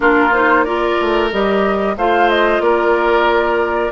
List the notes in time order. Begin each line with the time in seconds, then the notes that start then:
0.00 A#3 D4 F4 A#4
0.32 D#4 C5
0.64 F4 A#4 D5
1.00 A3
1.31 G3 G4 D#5
1.96 A3 F4 C5 F5
2.29 D#5
2.60 A#3 A#4 D5